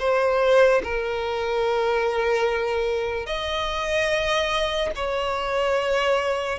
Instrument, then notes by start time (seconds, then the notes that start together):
violin
0.00 C5
0.84 A#4
3.27 D#5
4.96 C#5